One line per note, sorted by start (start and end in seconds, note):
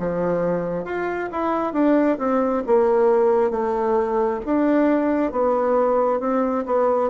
0.00 0.85 F3
0.85 1.30 F4
1.32 1.73 E4
1.73 2.18 D4
2.19 2.63 C4
2.67 3.51 A#3
3.51 4.40 A3
4.46 5.32 D4
5.32 6.20 B3
6.20 6.65 C4
6.66 7.10 B3